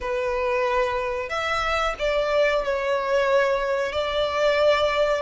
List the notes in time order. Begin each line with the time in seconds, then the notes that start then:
0.00 B4
1.29 E5
1.99 D5
2.64 C#5
3.92 D5